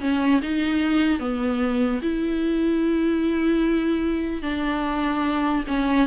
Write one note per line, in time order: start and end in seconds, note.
0.00 0.41 C#4
0.42 1.19 D#4
1.19 2.00 B3
2.02 4.42 E4
4.42 5.64 D4
5.67 6.07 C#4